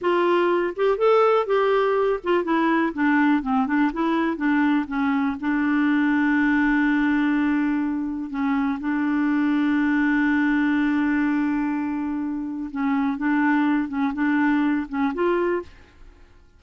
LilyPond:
\new Staff \with { instrumentName = "clarinet" } { \time 4/4 \tempo 4 = 123 f'4. g'8 a'4 g'4~ | g'8 f'8 e'4 d'4 c'8 d'8 | e'4 d'4 cis'4 d'4~ | d'1~ |
d'4 cis'4 d'2~ | d'1~ | d'2 cis'4 d'4~ | d'8 cis'8 d'4. cis'8 f'4 | }